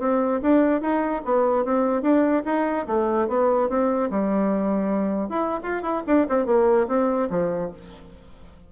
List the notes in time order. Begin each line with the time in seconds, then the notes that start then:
0.00 C4
0.42 D4
0.82 D#4
1.25 B3
1.65 C4
2.02 D4
2.46 D#4
2.87 A3
3.29 B3
3.69 C4
4.11 G3
5.30 E4
5.63 F4
5.83 E4
6.07 D4
6.30 C4
6.47 A#3
6.88 C4
7.30 F3